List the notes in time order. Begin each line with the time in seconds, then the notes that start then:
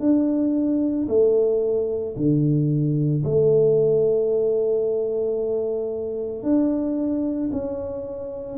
0.00 D4
1.09 A3
2.17 D3
3.24 A3
6.43 D4
7.52 C#4